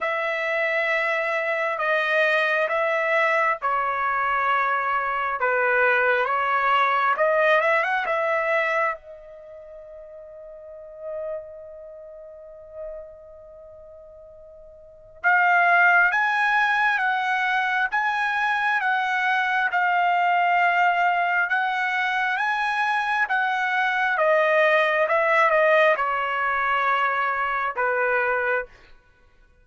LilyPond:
\new Staff \with { instrumentName = "trumpet" } { \time 4/4 \tempo 4 = 67 e''2 dis''4 e''4 | cis''2 b'4 cis''4 | dis''8 e''16 fis''16 e''4 dis''2~ | dis''1~ |
dis''4 f''4 gis''4 fis''4 | gis''4 fis''4 f''2 | fis''4 gis''4 fis''4 dis''4 | e''8 dis''8 cis''2 b'4 | }